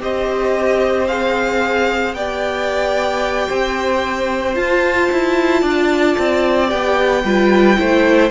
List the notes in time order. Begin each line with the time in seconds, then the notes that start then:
0.00 C4 G4 C5 D#5
1.07 G#4 F5
2.13 B3 G4 D5 G5
3.48 C4 C5
4.54 F4 A5
5.12 E4
5.61 D4 D5
6.19 C4
6.69 B3 G4 G5
7.24 G3 F4 B4
7.77 A3 E4 C5